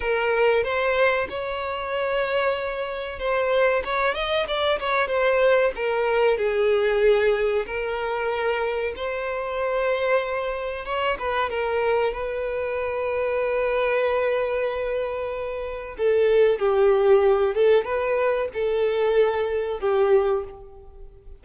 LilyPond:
\new Staff \with { instrumentName = "violin" } { \time 4/4 \tempo 4 = 94 ais'4 c''4 cis''2~ | cis''4 c''4 cis''8 dis''8 d''8 cis''8 | c''4 ais'4 gis'2 | ais'2 c''2~ |
c''4 cis''8 b'8 ais'4 b'4~ | b'1~ | b'4 a'4 g'4. a'8 | b'4 a'2 g'4 | }